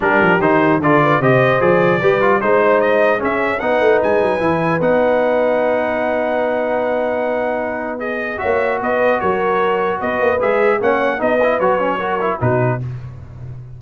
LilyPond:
<<
  \new Staff \with { instrumentName = "trumpet" } { \time 4/4 \tempo 4 = 150 ais'4 c''4 d''4 dis''4 | d''2 c''4 dis''4 | e''4 fis''4 gis''2 | fis''1~ |
fis''1 | dis''4 e''4 dis''4 cis''4~ | cis''4 dis''4 e''4 fis''4 | dis''4 cis''2 b'4 | }
  \new Staff \with { instrumentName = "horn" } { \time 4/4 g'2 a'8 b'8 c''4~ | c''4 b'4 c''2 | gis'4 b'2.~ | b'1~ |
b'1~ | b'4 cis''4 b'4 ais'4~ | ais'4 b'2 cis''4 | b'2 ais'4 fis'4 | }
  \new Staff \with { instrumentName = "trombone" } { \time 4/4 d'4 dis'4 f'4 g'4 | gis'4 g'8 f'8 dis'2 | cis'4 dis'2 e'4 | dis'1~ |
dis'1 | gis'4 fis'2.~ | fis'2 gis'4 cis'4 | dis'8 e'8 fis'8 cis'8 fis'8 e'8 dis'4 | }
  \new Staff \with { instrumentName = "tuba" } { \time 4/4 g8 f8 dis4 d4 c4 | f4 g4 gis2 | cis'4 b8 a8 gis8 fis8 e4 | b1~ |
b1~ | b4 ais4 b4 fis4~ | fis4 b8 ais8 gis4 ais4 | b4 fis2 b,4 | }
>>